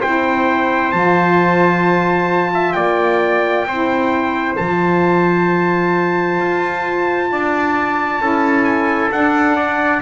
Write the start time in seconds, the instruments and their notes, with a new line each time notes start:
0.00 double bass C4, saxophone E4, trumpet C5 G5
0.91 double bass F3, saxophone F4, trumpet A5
2.53 trumpet E5
2.72 double bass A#3, trumpet D5 G5
3.66 double bass C4, saxophone E4, trumpet C5
4.56 double bass F3, saxophone F4, trumpet A5
6.40 double bass F4
7.31 double bass D4, trumpet D5
8.19 double bass C#4, saxophone E4, trumpet A4
8.64 trumpet G#5
9.11 double bass D4, saxophone D4, trumpet F#5
9.56 trumpet D5